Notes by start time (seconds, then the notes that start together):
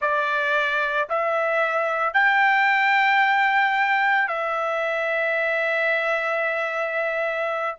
0.01 D5
1.09 E5
2.13 G5
4.28 E5